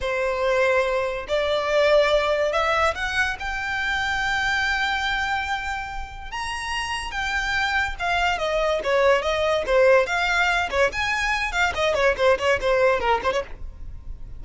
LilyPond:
\new Staff \with { instrumentName = "violin" } { \time 4/4 \tempo 4 = 143 c''2. d''4~ | d''2 e''4 fis''4 | g''1~ | g''2. ais''4~ |
ais''4 g''2 f''4 | dis''4 cis''4 dis''4 c''4 | f''4. cis''8 gis''4. f''8 | dis''8 cis''8 c''8 cis''8 c''4 ais'8 c''16 cis''16 | }